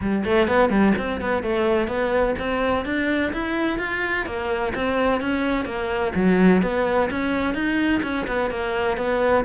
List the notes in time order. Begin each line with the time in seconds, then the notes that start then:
0.01 G3
0.24 A3
0.47 B3
0.69 G3
0.98 C4
1.20 B3
1.42 A3
1.87 B3
2.39 C4
2.85 D4
3.33 E4
3.78 F4
4.25 A#3
4.74 C4
5.21 C#4
5.65 A#3
6.15 F#3
6.62 B3
7.10 C#4
7.54 D#4
8.02 C#4
8.27 B3
8.50 A#3
8.97 B3